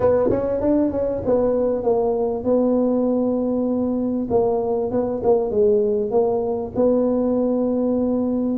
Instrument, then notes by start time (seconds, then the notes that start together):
tuba
0.00 B3
0.30 C#4
0.61 D4
0.91 C#4
1.25 B3
1.83 A#3
2.44 B3
4.30 A#3
4.91 B3
5.23 A#3
5.50 G#3
6.11 A#3
6.75 B3